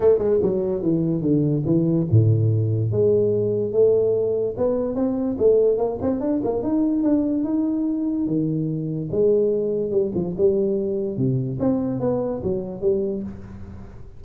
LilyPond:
\new Staff \with { instrumentName = "tuba" } { \time 4/4 \tempo 4 = 145 a8 gis8 fis4 e4 d4 | e4 a,2 gis4~ | gis4 a2 b4 | c'4 a4 ais8 c'8 d'8 ais8 |
dis'4 d'4 dis'2 | dis2 gis2 | g8 f8 g2 c4 | c'4 b4 fis4 g4 | }